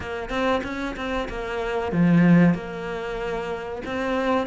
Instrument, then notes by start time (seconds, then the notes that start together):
cello
0.00 A#3
0.29 C4
0.63 C#4
0.96 C4
1.28 A#3
1.92 F3
2.54 A#3
3.85 C4